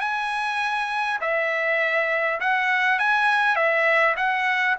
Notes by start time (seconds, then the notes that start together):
0.00 G#5
1.21 E5
2.40 F#5
2.99 G#5
3.56 E5
4.17 F#5